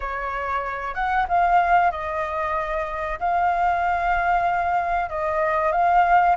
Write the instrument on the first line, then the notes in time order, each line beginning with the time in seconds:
flute
0.00 C#5
0.94 F#5
1.28 F5
1.91 D#5
3.19 F5
5.09 D#5
5.72 F5